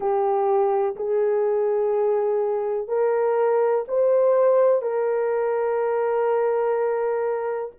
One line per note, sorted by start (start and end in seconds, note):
0.00 0.95 G4
0.95 2.88 G#4
2.88 3.84 A#4
3.88 4.81 C5
4.81 7.72 A#4